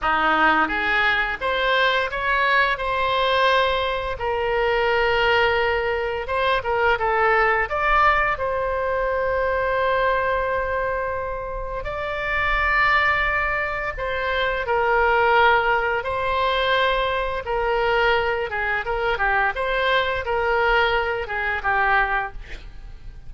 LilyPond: \new Staff \with { instrumentName = "oboe" } { \time 4/4 \tempo 4 = 86 dis'4 gis'4 c''4 cis''4 | c''2 ais'2~ | ais'4 c''8 ais'8 a'4 d''4 | c''1~ |
c''4 d''2. | c''4 ais'2 c''4~ | c''4 ais'4. gis'8 ais'8 g'8 | c''4 ais'4. gis'8 g'4 | }